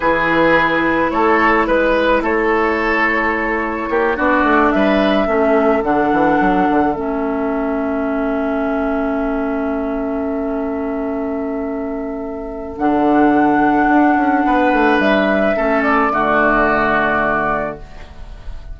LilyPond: <<
  \new Staff \with { instrumentName = "flute" } { \time 4/4 \tempo 4 = 108 b'2 cis''4 b'4 | cis''2.~ cis''8 d''8~ | d''8 e''2 fis''4.~ | fis''8 e''2.~ e''8~ |
e''1~ | e''2. fis''4~ | fis''2. e''4~ | e''8 d''2.~ d''8 | }
  \new Staff \with { instrumentName = "oboe" } { \time 4/4 gis'2 a'4 b'4 | a'2. g'8 fis'8~ | fis'8 b'4 a'2~ a'8~ | a'1~ |
a'1~ | a'1~ | a'2 b'2 | a'4 fis'2. | }
  \new Staff \with { instrumentName = "clarinet" } { \time 4/4 e'1~ | e'2.~ e'8 d'8~ | d'4. cis'4 d'4.~ | d'8 cis'2.~ cis'8~ |
cis'1~ | cis'2. d'4~ | d'1 | cis'4 a2. | }
  \new Staff \with { instrumentName = "bassoon" } { \time 4/4 e2 a4 gis4 | a2. ais8 b8 | a8 g4 a4 d8 e8 fis8 | d8 a2.~ a8~ |
a1~ | a2. d4~ | d4 d'8 cis'8 b8 a8 g4 | a4 d2. | }
>>